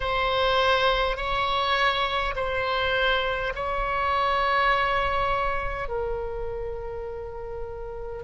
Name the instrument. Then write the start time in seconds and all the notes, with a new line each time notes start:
oboe
0.00 C5
1.17 C#5
2.35 C5
3.55 C#5
5.88 A#4